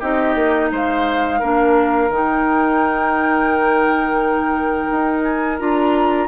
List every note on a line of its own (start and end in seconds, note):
0.00 0.35 C4
0.00 1.42 D#4
0.00 0.70 G4
0.00 0.71 D#5
0.35 0.70 A#3
0.72 1.42 G#3
0.72 1.40 C5
0.72 2.12 F5
1.40 2.09 A#3
1.40 2.11 D4
1.40 6.28 A#4
2.09 4.88 D#3
2.09 5.59 D#4
2.09 5.23 G5
4.92 5.60 D#4
5.23 5.58 G#5
5.59 6.28 D4
5.59 6.28 F4
5.59 6.28 A#5